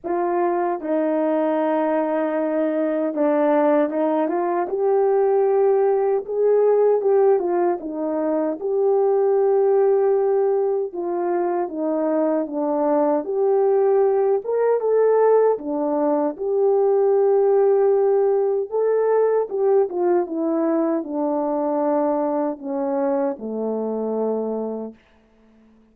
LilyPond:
\new Staff \with { instrumentName = "horn" } { \time 4/4 \tempo 4 = 77 f'4 dis'2. | d'4 dis'8 f'8 g'2 | gis'4 g'8 f'8 dis'4 g'4~ | g'2 f'4 dis'4 |
d'4 g'4. ais'8 a'4 | d'4 g'2. | a'4 g'8 f'8 e'4 d'4~ | d'4 cis'4 a2 | }